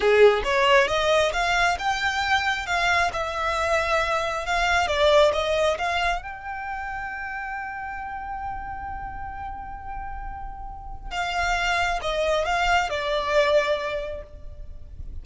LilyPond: \new Staff \with { instrumentName = "violin" } { \time 4/4 \tempo 4 = 135 gis'4 cis''4 dis''4 f''4 | g''2 f''4 e''4~ | e''2 f''4 d''4 | dis''4 f''4 g''2~ |
g''1~ | g''1~ | g''4 f''2 dis''4 | f''4 d''2. | }